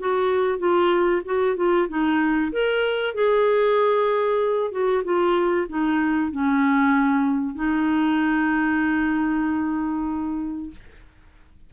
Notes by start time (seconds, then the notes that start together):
0.00 F#4
0.59 F4
1.25 F#4
1.57 F4
1.89 D#4
2.53 A#4
3.15 G#4
4.72 F#4
5.04 F4
5.69 D#4
6.32 C#4
7.55 D#4